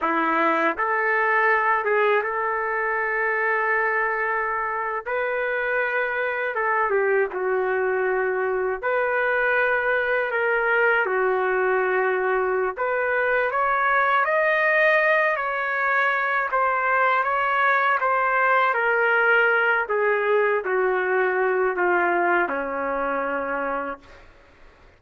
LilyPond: \new Staff \with { instrumentName = "trumpet" } { \time 4/4 \tempo 4 = 80 e'4 a'4. gis'8 a'4~ | a'2~ a'8. b'4~ b'16~ | b'8. a'8 g'8 fis'2 b'16~ | b'4.~ b'16 ais'4 fis'4~ fis'16~ |
fis'4 b'4 cis''4 dis''4~ | dis''8 cis''4. c''4 cis''4 | c''4 ais'4. gis'4 fis'8~ | fis'4 f'4 cis'2 | }